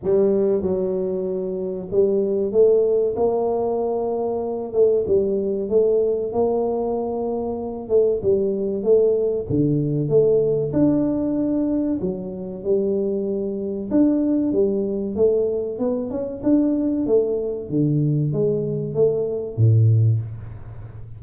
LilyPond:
\new Staff \with { instrumentName = "tuba" } { \time 4/4 \tempo 4 = 95 g4 fis2 g4 | a4 ais2~ ais8 a8 | g4 a4 ais2~ | ais8 a8 g4 a4 d4 |
a4 d'2 fis4 | g2 d'4 g4 | a4 b8 cis'8 d'4 a4 | d4 gis4 a4 a,4 | }